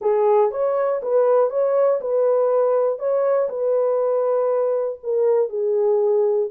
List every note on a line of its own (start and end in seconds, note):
0.01 0.51 G#4
0.51 1.01 C#5
1.02 1.50 B4
1.50 2.00 C#5
2.00 2.98 B4
2.98 3.48 C#5
3.49 4.99 B4
5.02 5.49 A#4
5.49 6.49 G#4